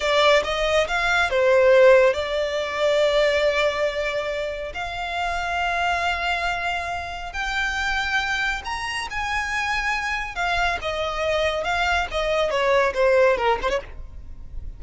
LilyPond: \new Staff \with { instrumentName = "violin" } { \time 4/4 \tempo 4 = 139 d''4 dis''4 f''4 c''4~ | c''4 d''2.~ | d''2. f''4~ | f''1~ |
f''4 g''2. | ais''4 gis''2. | f''4 dis''2 f''4 | dis''4 cis''4 c''4 ais'8 c''16 cis''16 | }